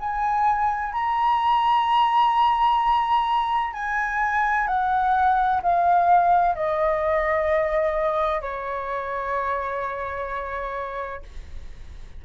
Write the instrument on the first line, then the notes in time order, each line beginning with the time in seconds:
flute
0.00 G#5
0.93 A#5
3.73 G#5
4.67 F#5
5.62 F5
6.55 D#5
8.41 C#5